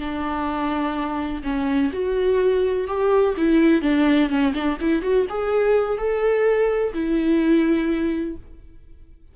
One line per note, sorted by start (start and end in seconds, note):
0.00 1.43 D4
1.44 1.92 C#4
1.93 2.88 F#4
2.88 3.36 G4
3.38 3.82 E4
3.82 4.30 D4
4.30 4.54 C#4
4.55 4.78 D4
4.81 5.03 E4
5.03 5.27 F#4
5.30 5.98 G#4
5.98 6.94 A4
6.94 8.37 E4